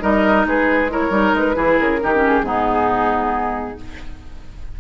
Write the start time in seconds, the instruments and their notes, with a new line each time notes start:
0.00 bassoon G3, clarinet D#4, oboe A#4, flute D#5
0.46 bassoon G#3, oboe G#4, flute B4
0.89 clarinet E4, oboe A#4, flute C#5
1.10 bassoon G3, clarinet D#4
1.34 bassoon G#3, flute B4
1.55 bassoon E3, clarinet E4, oboe G#4
1.79 bassoon C#3, flute A#4
2.01 bassoon D#3, clarinet D#4, oboe G4
2.14 clarinet C#4
2.26 flute G#4
2.42 bassoon G#2, clarinet B3, oboe D#4